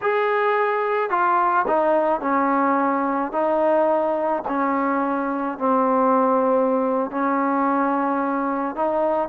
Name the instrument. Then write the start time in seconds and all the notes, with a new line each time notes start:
trombone
0.01 G#4
1.10 F4
1.67 D#4
2.20 C#4
3.32 D#4
4.47 C#4
5.58 C4
7.10 C#4
8.75 D#4